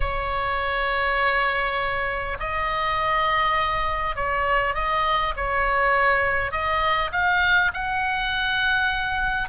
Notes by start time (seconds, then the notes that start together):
0.00 C#5
2.39 D#5
4.15 C#5
4.74 D#5
5.36 C#5
6.51 D#5
7.12 F5
7.73 F#5